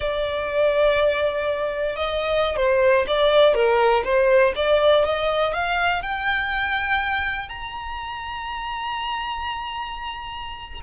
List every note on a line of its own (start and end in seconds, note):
0.00 1.96 D5
1.96 2.56 D#5
2.56 3.05 C5
3.07 3.54 D5
3.54 4.03 A#4
4.04 4.53 C5
4.55 5.04 D5
5.04 5.53 D#5
5.53 6.02 F5
6.02 7.48 G5
7.48 10.80 A#5